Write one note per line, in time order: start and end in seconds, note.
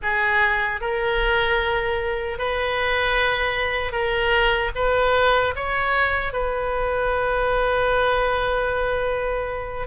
0.02 0.80 G#4
0.80 2.38 A#4
2.38 3.92 B4
3.92 4.70 A#4
4.75 5.54 B4
5.55 6.32 C#5
6.32 9.87 B4